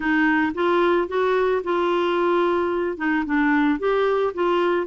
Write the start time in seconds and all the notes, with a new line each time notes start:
0.00 D#4
0.54 F4
1.08 F#4
1.63 F4
2.97 D#4
3.25 D4
3.79 G4
4.34 F4